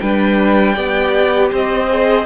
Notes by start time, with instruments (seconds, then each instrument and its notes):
0.00 cello G3, viola D4, violin B4 G5
0.74 cello B3, viola G4, violin D5
1.51 cello C4, violin C5 D#5
1.90 viola G#4